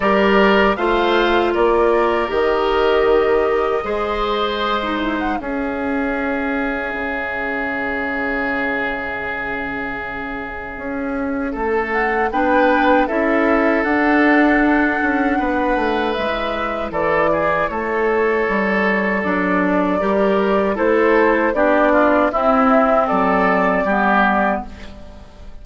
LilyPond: <<
  \new Staff \with { instrumentName = "flute" } { \time 4/4 \tempo 4 = 78 d''4 f''4 d''4 dis''4~ | dis''2~ dis''8 e'16 fis''16 e''4~ | e''1~ | e''2.~ e''8 fis''8 |
g''4 e''4 fis''2~ | fis''4 e''4 d''4 cis''4~ | cis''4 d''2 c''4 | d''4 e''4 d''2 | }
  \new Staff \with { instrumentName = "oboe" } { \time 4/4 ais'4 c''4 ais'2~ | ais'4 c''2 gis'4~ | gis'1~ | gis'2. a'4 |
b'4 a'2. | b'2 a'8 gis'8 a'4~ | a'2 ais'4 a'4 | g'8 f'8 e'4 a'4 g'4 | }
  \new Staff \with { instrumentName = "clarinet" } { \time 4/4 g'4 f'2 g'4~ | g'4 gis'4~ gis'16 dis'8. cis'4~ | cis'1~ | cis'1 |
d'4 e'4 d'2~ | d'4 e'2.~ | e'4 d'4 g'4 e'4 | d'4 c'2 b4 | }
  \new Staff \with { instrumentName = "bassoon" } { \time 4/4 g4 a4 ais4 dis4~ | dis4 gis2 cis'4~ | cis'4 cis2.~ | cis2 cis'4 a4 |
b4 cis'4 d'4. cis'8 | b8 a8 gis4 e4 a4 | g4 fis4 g4 a4 | b4 c'4 fis4 g4 | }
>>